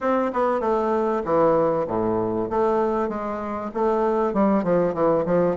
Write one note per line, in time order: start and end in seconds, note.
0.00 0.31 C4
0.33 0.60 B3
0.60 1.22 A3
1.24 1.86 E3
1.87 2.49 A2
2.49 3.08 A3
3.08 3.70 G#3
3.74 4.33 A3
4.33 4.63 G3
4.63 4.93 F3
4.93 5.24 E3
5.25 5.56 F3